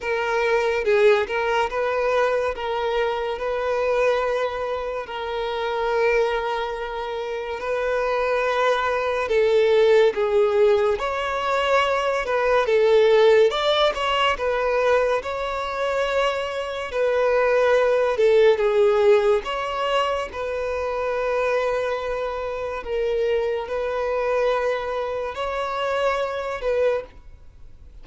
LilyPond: \new Staff \with { instrumentName = "violin" } { \time 4/4 \tempo 4 = 71 ais'4 gis'8 ais'8 b'4 ais'4 | b'2 ais'2~ | ais'4 b'2 a'4 | gis'4 cis''4. b'8 a'4 |
d''8 cis''8 b'4 cis''2 | b'4. a'8 gis'4 cis''4 | b'2. ais'4 | b'2 cis''4. b'8 | }